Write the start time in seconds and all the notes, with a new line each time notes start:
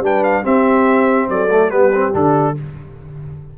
0.00 G3 D4 B4 G5
0.23 F5
0.43 C4 G4 E5
1.28 F#3 A4 D5
1.50 A3
1.70 G3 B3 G4 B4
1.94 C4
2.12 D3 D4 A4